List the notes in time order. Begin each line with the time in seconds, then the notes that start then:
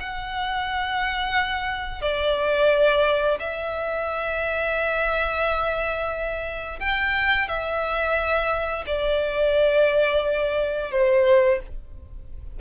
0.00 F#5
2.02 D5
3.40 E5
6.80 G5
7.48 E5
8.87 D5
10.92 C5